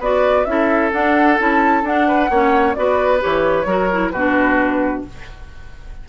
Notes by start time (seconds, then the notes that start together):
0.00 B3 F#4 B4 D5
0.45 C#4 E4 A4 E5
0.93 D4 F#5
1.39 C#4 E4 A5
1.83 D4 F#5
2.08 B4
2.30 A#3 C#4 C#5
2.75 B3 F#4 B4 D5
3.20 E3 G4 C#5
3.66 F#3 F#4 A#4
3.92 E4
4.11 B2 F#4 B4
4.17 D4